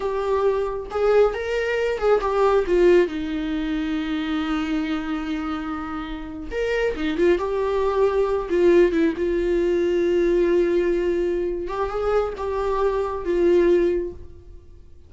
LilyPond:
\new Staff \with { instrumentName = "viola" } { \time 4/4 \tempo 4 = 136 g'2 gis'4 ais'4~ | ais'8 gis'8 g'4 f'4 dis'4~ | dis'1~ | dis'2~ dis'8. ais'4 dis'16~ |
dis'16 f'8 g'2~ g'8 f'8.~ | f'16 e'8 f'2.~ f'16~ | f'2~ f'8 g'8 gis'4 | g'2 f'2 | }